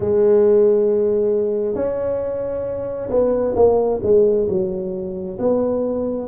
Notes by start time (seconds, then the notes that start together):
0.00 G#3
1.75 C#4
3.10 B3
3.55 A#3
4.03 G#3
4.48 F#3
5.38 B3